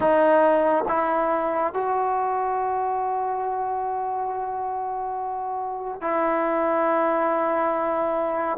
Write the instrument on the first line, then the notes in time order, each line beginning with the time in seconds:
trombone
0.00 D#4
0.88 E4
1.73 F#4
6.01 E4